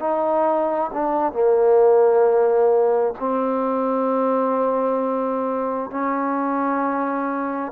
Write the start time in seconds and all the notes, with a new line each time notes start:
0.00 D#4
0.93 D4
1.33 A#3
3.20 C4
5.90 C#4